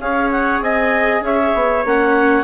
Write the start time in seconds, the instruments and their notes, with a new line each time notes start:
0.00 bassoon C#4, viola G#4, trumpet C#5, clarinet F5
0.31 clarinet F#5
0.60 bassoon C4, trumpet D#5, clarinet G#5
1.21 bassoon C#4, trumpet C#5, clarinet E5
1.54 bassoon B3
1.85 bassoon A#3, viola C#4, clarinet F#5